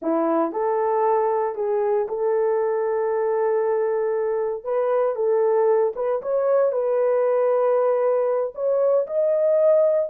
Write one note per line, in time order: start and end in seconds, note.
0.01 0.52 E4
0.52 1.55 A4
1.55 2.07 G#4
2.08 4.64 A4
4.64 5.15 B4
5.15 5.93 A4
5.95 6.21 B4
6.22 6.72 C#5
6.72 8.53 B4
8.54 9.06 C#5
9.06 10.09 D#5